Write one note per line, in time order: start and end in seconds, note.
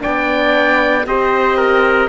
0.00 1.06 B3
0.00 1.03 D4
0.00 1.06 D5
0.00 1.06 G5
1.06 2.09 C4
1.06 2.09 G4
1.06 1.57 C5
1.06 2.09 D#5
1.57 2.09 A#4